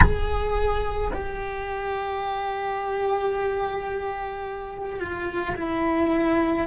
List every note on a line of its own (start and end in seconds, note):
0.00 1.11 G#4
1.13 4.99 G4
4.99 5.55 F4
5.56 6.67 E4